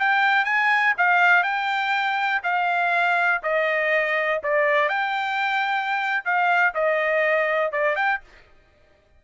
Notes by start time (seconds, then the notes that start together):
0.00 G5
0.45 G#5
0.98 F5
1.44 G5
2.44 F5
3.43 D#5
4.44 D5
4.89 G5
6.25 F5
6.75 D#5
7.72 D5
7.96 G5